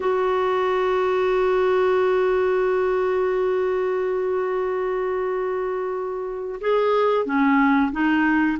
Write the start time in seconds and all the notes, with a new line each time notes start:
0.00 F#4
6.61 G#4
7.25 C#4
7.92 D#4